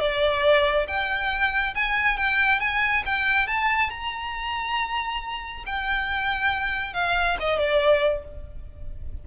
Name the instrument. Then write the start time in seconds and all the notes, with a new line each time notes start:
violin
0.00 D5
0.88 G5
1.75 G#5
2.17 G5
2.60 G#5
3.05 G5
3.47 A5
3.90 A#5
5.66 G5
6.93 F5
7.40 D#5
7.59 D5